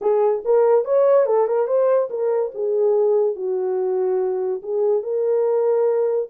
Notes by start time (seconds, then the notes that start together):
0.01 G#4
0.44 A#4
0.84 C#5
1.26 A4
1.47 A#4
1.67 C5
2.10 A#4
2.54 G#4
3.35 F#4
4.62 G#4
5.02 A#4